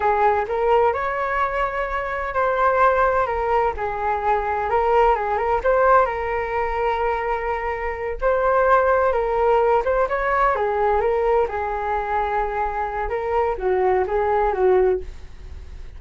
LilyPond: \new Staff \with { instrumentName = "flute" } { \time 4/4 \tempo 4 = 128 gis'4 ais'4 cis''2~ | cis''4 c''2 ais'4 | gis'2 ais'4 gis'8 ais'8 | c''4 ais'2.~ |
ais'4. c''2 ais'8~ | ais'4 c''8 cis''4 gis'4 ais'8~ | ais'8 gis'2.~ gis'8 | ais'4 fis'4 gis'4 fis'4 | }